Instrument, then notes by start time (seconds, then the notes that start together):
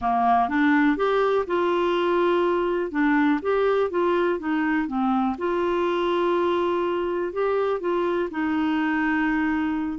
clarinet
0.01 A#3
0.48 D4
0.96 G4
1.47 F4
2.91 D4
3.41 G4
3.90 F4
4.39 D#4
4.87 C4
5.38 F4
7.32 G4
7.80 F4
8.30 D#4